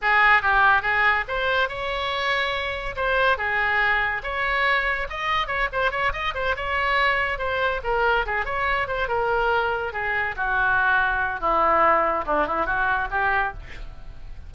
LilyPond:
\new Staff \with { instrumentName = "oboe" } { \time 4/4 \tempo 4 = 142 gis'4 g'4 gis'4 c''4 | cis''2. c''4 | gis'2 cis''2 | dis''4 cis''8 c''8 cis''8 dis''8 c''8 cis''8~ |
cis''4. c''4 ais'4 gis'8 | cis''4 c''8 ais'2 gis'8~ | gis'8 fis'2~ fis'8 e'4~ | e'4 d'8 e'8 fis'4 g'4 | }